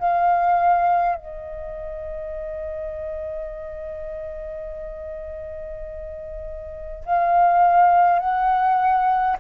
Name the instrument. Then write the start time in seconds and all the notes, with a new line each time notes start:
flute
0.00 F5
1.16 D#5
7.06 F5
8.19 F#5